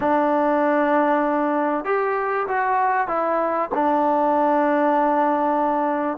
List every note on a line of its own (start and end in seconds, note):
0.00 1.84 D4
1.84 2.46 G4
2.47 3.07 F#4
3.07 3.69 E4
3.74 6.17 D4